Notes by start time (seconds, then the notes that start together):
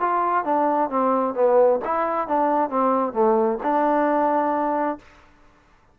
0.00 F4
0.44 D4
0.90 C4
1.34 B3
1.84 E4
2.27 D4
2.70 C4
3.13 A3
3.63 D4